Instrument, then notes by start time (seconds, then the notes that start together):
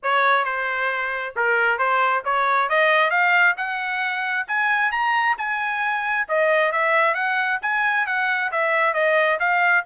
trumpet
0.02 C#5
0.45 C5
1.36 A#4
1.78 C5
2.24 C#5
2.69 D#5
3.10 F5
3.57 F#5
4.47 G#5
4.91 A#5
5.38 G#5
6.28 D#5
6.72 E5
7.14 F#5
7.62 G#5
8.06 F#5
8.51 E5
8.93 D#5
9.39 F5